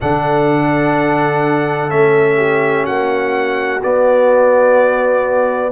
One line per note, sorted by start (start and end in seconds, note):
0.00 1.91 D3
0.00 1.89 D4
0.00 2.36 A4
0.00 1.90 F#5
1.89 2.86 A3
1.89 3.80 C#4
1.89 2.85 E5
2.36 2.84 G4
2.84 3.81 A#3
2.84 5.70 F#4
2.84 3.81 F#5
3.82 5.72 B3
3.82 5.72 D5